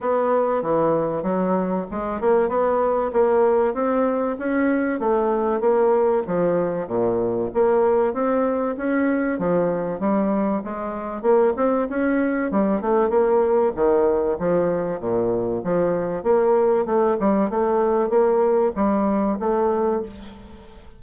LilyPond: \new Staff \with { instrumentName = "bassoon" } { \time 4/4 \tempo 4 = 96 b4 e4 fis4 gis8 ais8 | b4 ais4 c'4 cis'4 | a4 ais4 f4 ais,4 | ais4 c'4 cis'4 f4 |
g4 gis4 ais8 c'8 cis'4 | g8 a8 ais4 dis4 f4 | ais,4 f4 ais4 a8 g8 | a4 ais4 g4 a4 | }